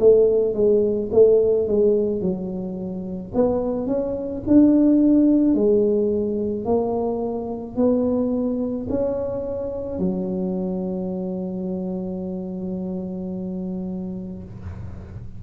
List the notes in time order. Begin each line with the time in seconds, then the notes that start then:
0.00 A3
0.55 G#3
1.13 A3
1.68 G#3
2.22 F#3
3.35 B3
3.87 C#4
4.47 D4
5.55 G#3
6.65 A#3
7.76 B3
8.90 C#4
9.99 F#3